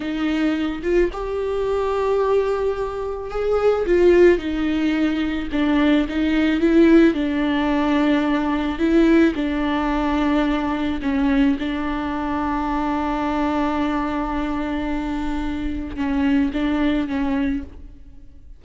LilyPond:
\new Staff \with { instrumentName = "viola" } { \time 4/4 \tempo 4 = 109 dis'4. f'8 g'2~ | g'2 gis'4 f'4 | dis'2 d'4 dis'4 | e'4 d'2. |
e'4 d'2. | cis'4 d'2.~ | d'1~ | d'4 cis'4 d'4 cis'4 | }